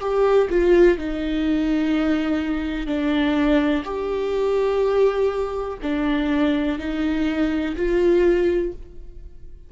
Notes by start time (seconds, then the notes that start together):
0.00 G4
0.50 F4
0.98 D#4
2.87 D4
3.84 G4
5.82 D4
6.78 D#4
7.76 F4